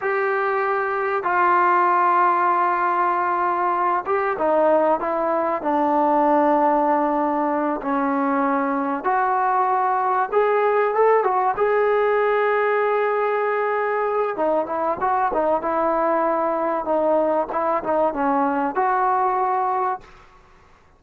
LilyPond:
\new Staff \with { instrumentName = "trombone" } { \time 4/4 \tempo 4 = 96 g'2 f'2~ | f'2~ f'8 g'8 dis'4 | e'4 d'2.~ | d'8 cis'2 fis'4.~ |
fis'8 gis'4 a'8 fis'8 gis'4.~ | gis'2. dis'8 e'8 | fis'8 dis'8 e'2 dis'4 | e'8 dis'8 cis'4 fis'2 | }